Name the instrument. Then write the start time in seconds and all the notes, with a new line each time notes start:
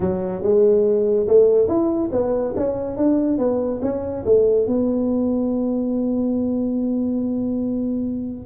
tuba
0.00 F#3
0.42 G#3
1.27 A3
1.67 E4
2.12 B3
2.56 C#4
2.97 D4
3.38 B3
3.82 C#4
4.25 A3
4.67 B3